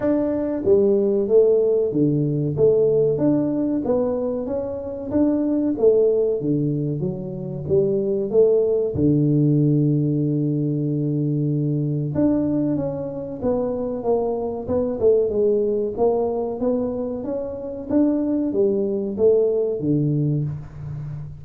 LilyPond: \new Staff \with { instrumentName = "tuba" } { \time 4/4 \tempo 4 = 94 d'4 g4 a4 d4 | a4 d'4 b4 cis'4 | d'4 a4 d4 fis4 | g4 a4 d2~ |
d2. d'4 | cis'4 b4 ais4 b8 a8 | gis4 ais4 b4 cis'4 | d'4 g4 a4 d4 | }